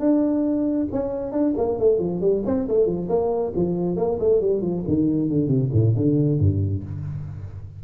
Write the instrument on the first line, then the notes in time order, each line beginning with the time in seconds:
tuba
0.00 D4
0.92 C#4
1.32 D4
1.58 A#3
1.80 A3
1.99 F3
2.21 G3
2.46 C4
2.68 A3
2.87 F3
3.09 A#3
3.56 F3
3.97 A#3
4.20 A3
4.41 G3
4.62 F3
4.88 D#3
5.30 D3
5.48 C3
5.73 A2
5.97 D3
6.40 G2